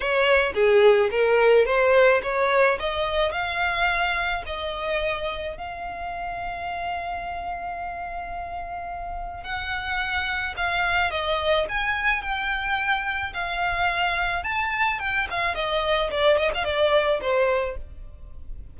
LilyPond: \new Staff \with { instrumentName = "violin" } { \time 4/4 \tempo 4 = 108 cis''4 gis'4 ais'4 c''4 | cis''4 dis''4 f''2 | dis''2 f''2~ | f''1~ |
f''4 fis''2 f''4 | dis''4 gis''4 g''2 | f''2 a''4 g''8 f''8 | dis''4 d''8 dis''16 f''16 d''4 c''4 | }